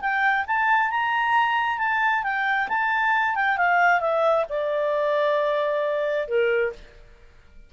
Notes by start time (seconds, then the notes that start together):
0.00 G5
0.46 A5
0.90 A#5
1.78 A5
2.23 G5
2.68 A5
3.35 G5
3.57 F5
4.00 E5
4.49 D5
6.28 A#4